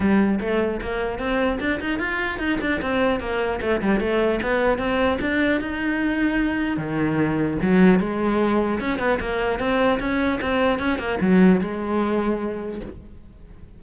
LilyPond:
\new Staff \with { instrumentName = "cello" } { \time 4/4 \tempo 4 = 150 g4 a4 ais4 c'4 | d'8 dis'8 f'4 dis'8 d'8 c'4 | ais4 a8 g8 a4 b4 | c'4 d'4 dis'2~ |
dis'4 dis2 fis4 | gis2 cis'8 b8 ais4 | c'4 cis'4 c'4 cis'8 ais8 | fis4 gis2. | }